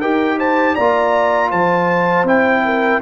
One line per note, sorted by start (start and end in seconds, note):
0.00 0.76 D#4
0.00 0.77 G4
0.00 0.38 A#4
0.00 0.39 G5
0.39 0.75 C5
0.39 0.76 A5
0.75 1.53 A#3
0.75 2.27 F4
0.75 1.50 D5
0.75 1.51 A#5
1.51 2.24 F3
1.51 2.63 C5
1.51 2.27 A5
2.24 2.99 C4
2.24 3.02 E4
2.24 3.02 G5
2.65 3.02 A#4